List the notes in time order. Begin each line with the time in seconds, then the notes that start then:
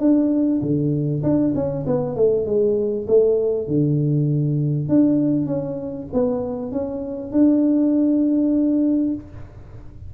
0.00 D4
0.62 D3
1.23 D4
1.55 C#4
1.87 B3
2.16 A3
2.46 G#3
3.08 A3
3.67 D3
4.89 D4
5.46 C#4
6.13 B3
6.72 C#4
7.32 D4